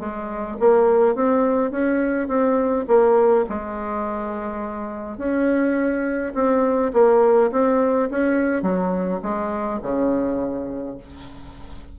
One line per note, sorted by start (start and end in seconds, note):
0.00 0.58 G#3
0.60 1.16 A#3
1.16 1.72 C4
1.72 2.28 C#4
2.28 2.86 C4
2.88 3.46 A#3
3.50 5.18 G#3
5.18 6.34 C#4
6.35 6.92 C4
6.93 7.51 A#3
7.52 8.10 C4
8.11 8.63 C#4
8.63 9.21 F#3
9.23 9.81 G#3
9.83 10.98 C#3